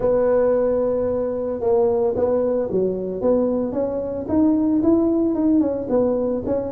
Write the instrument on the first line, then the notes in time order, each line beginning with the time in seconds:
tuba
0.00 B3
1.60 A#3
2.15 B3
2.71 F#3
3.21 B3
3.72 C#4
4.28 D#4
4.82 E4
5.34 D#4
5.60 C#4
5.89 B3
6.46 C#4